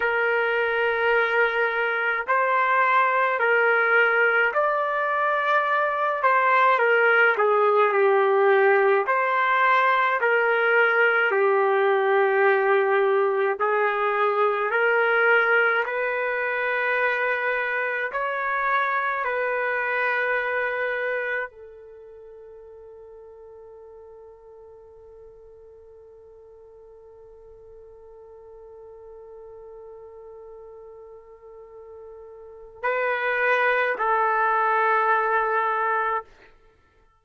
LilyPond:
\new Staff \with { instrumentName = "trumpet" } { \time 4/4 \tempo 4 = 53 ais'2 c''4 ais'4 | d''4. c''8 ais'8 gis'8 g'4 | c''4 ais'4 g'2 | gis'4 ais'4 b'2 |
cis''4 b'2 a'4~ | a'1~ | a'1~ | a'4 b'4 a'2 | }